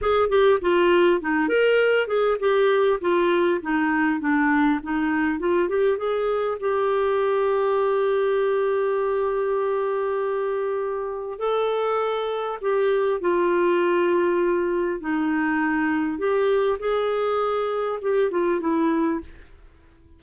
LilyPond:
\new Staff \with { instrumentName = "clarinet" } { \time 4/4 \tempo 4 = 100 gis'8 g'8 f'4 dis'8 ais'4 gis'8 | g'4 f'4 dis'4 d'4 | dis'4 f'8 g'8 gis'4 g'4~ | g'1~ |
g'2. a'4~ | a'4 g'4 f'2~ | f'4 dis'2 g'4 | gis'2 g'8 f'8 e'4 | }